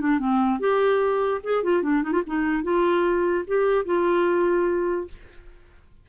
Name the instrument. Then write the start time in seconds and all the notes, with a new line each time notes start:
clarinet
0.00 D4
0.19 C4
0.60 G4
1.43 G#4
1.63 F4
1.83 D4
2.03 D#4
2.12 F4
2.27 D#4
2.63 F4
3.47 G4
3.85 F4